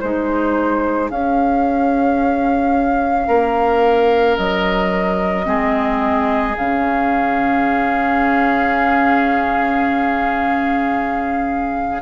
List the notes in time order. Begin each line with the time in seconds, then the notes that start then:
0.00 G#3 D#4 G#4 C5
1.10 C#4 F5
3.27 A#3 A#4
4.37 F#3 D#5
5.44 G#3 C4 G#4
6.57 C#3 C#4 F5